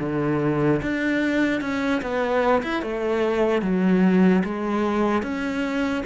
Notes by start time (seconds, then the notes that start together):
0.00 D3
0.83 D4
1.61 C#4
2.02 B3
2.63 E4
2.82 A3
3.62 F#3
4.44 G#3
5.23 C#4